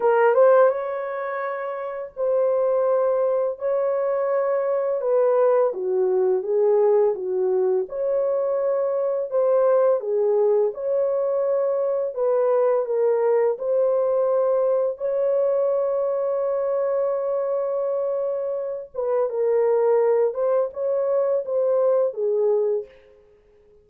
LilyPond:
\new Staff \with { instrumentName = "horn" } { \time 4/4 \tempo 4 = 84 ais'8 c''8 cis''2 c''4~ | c''4 cis''2 b'4 | fis'4 gis'4 fis'4 cis''4~ | cis''4 c''4 gis'4 cis''4~ |
cis''4 b'4 ais'4 c''4~ | c''4 cis''2.~ | cis''2~ cis''8 b'8 ais'4~ | ais'8 c''8 cis''4 c''4 gis'4 | }